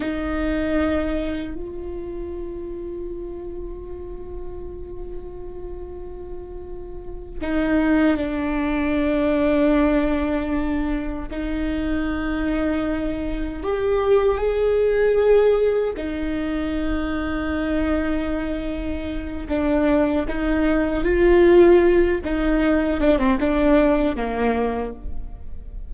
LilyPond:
\new Staff \with { instrumentName = "viola" } { \time 4/4 \tempo 4 = 77 dis'2 f'2~ | f'1~ | f'4. dis'4 d'4.~ | d'2~ d'8 dis'4.~ |
dis'4. g'4 gis'4.~ | gis'8 dis'2.~ dis'8~ | dis'4 d'4 dis'4 f'4~ | f'8 dis'4 d'16 c'16 d'4 ais4 | }